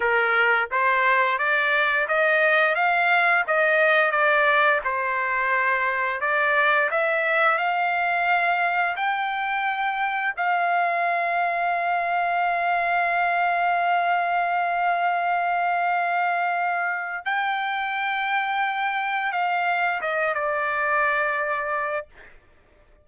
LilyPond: \new Staff \with { instrumentName = "trumpet" } { \time 4/4 \tempo 4 = 87 ais'4 c''4 d''4 dis''4 | f''4 dis''4 d''4 c''4~ | c''4 d''4 e''4 f''4~ | f''4 g''2 f''4~ |
f''1~ | f''1~ | f''4 g''2. | f''4 dis''8 d''2~ d''8 | }